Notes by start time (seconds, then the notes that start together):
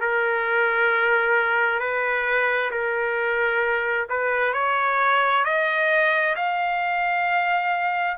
0.00 A#4
1.79 B4
2.71 A#4
4.09 B4
4.53 C#5
5.44 D#5
6.36 F5